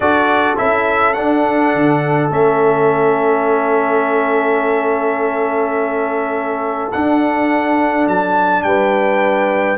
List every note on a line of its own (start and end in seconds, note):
0.00 0.56 D4
0.00 0.56 F#4
0.00 8.65 A4
0.00 0.56 D5
0.56 1.17 C#4
0.56 1.14 E4
0.56 1.13 E5
1.13 2.30 D4
1.13 1.74 D4
1.13 2.29 F#5
1.74 2.30 D3
2.30 6.91 A3
2.30 6.91 C#4
2.30 6.91 E5
6.91 8.07 D4
6.91 9.77 D4
6.91 8.07 F#5
8.07 8.63 F#3
8.07 8.62 A5
8.62 9.77 G3
8.62 9.77 B4
8.62 9.77 G5